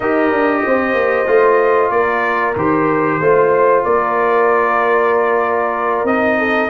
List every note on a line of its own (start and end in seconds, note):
0.00 0.31 D#4
0.00 1.26 G4
0.00 0.61 A#4
0.00 1.90 D#5
0.31 0.63 D4
0.65 0.93 C4
0.65 1.93 C5
0.93 1.25 A#3
1.26 1.90 A3
1.26 2.54 F4
1.90 2.54 A#3
1.90 3.20 A#4
1.90 2.54 D5
2.56 3.19 D#3
2.56 3.21 G4
2.56 3.84 C5
3.20 3.84 A3
3.20 6.07 F4
3.20 3.85 C5
3.84 6.04 A#3
3.84 6.39 A#4
3.84 6.06 D5
6.04 6.67 C4
6.04 6.69 D#4
6.04 6.69 D#5
6.39 6.69 A4